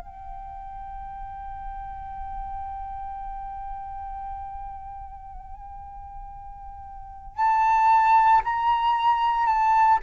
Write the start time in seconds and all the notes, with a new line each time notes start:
0.00 G5
7.37 A5
8.45 A#5
9.47 A5